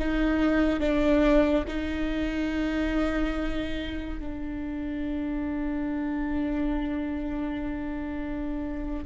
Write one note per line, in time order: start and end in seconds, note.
0.00 0.80 D#4
0.80 1.65 D4
1.68 4.20 D#4
4.20 9.06 D4